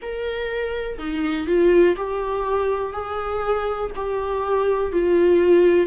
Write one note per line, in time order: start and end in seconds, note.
0.01 0.98 A#4
0.98 1.47 D#4
1.47 1.96 F4
1.96 2.92 G4
2.92 3.91 G#4
3.95 4.92 G4
4.92 5.87 F4